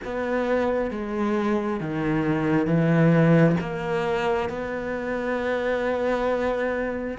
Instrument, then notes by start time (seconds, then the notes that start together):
cello
0.04 B3
0.90 G#3
1.80 D#3
2.66 E3
3.60 A#3
4.49 B3